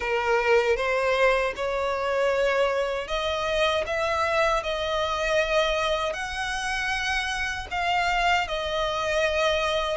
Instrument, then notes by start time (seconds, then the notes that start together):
violin
0.00 A#4
0.76 C5
1.56 C#5
3.07 D#5
3.86 E5
4.63 D#5
6.13 F#5
7.71 F5
8.47 D#5